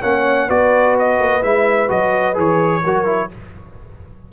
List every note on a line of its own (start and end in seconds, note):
0.00 0.49 A#3
0.00 0.49 C#4
0.00 0.47 C#5
0.00 0.49 F#5
0.47 1.19 B3
0.47 1.41 F#4
0.47 2.81 B4
0.47 0.96 D5
0.98 1.42 D#5
1.19 1.43 A#3
1.41 1.90 G#3
1.41 1.88 E4
1.41 1.89 E5
1.88 2.37 F#3
1.88 2.34 F#4
1.88 2.37 D#5
2.34 2.83 E3
2.34 2.81 G#4
2.34 3.32 C#5
2.83 3.31 F#3
2.83 3.05 F#4
2.83 3.30 A#4
3.05 3.28 E4